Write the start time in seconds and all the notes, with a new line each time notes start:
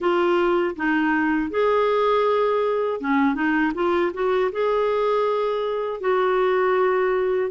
0.00 F4
0.75 D#4
1.50 G#4
3.00 C#4
3.34 D#4
3.74 F4
4.13 F#4
4.52 G#4
6.00 F#4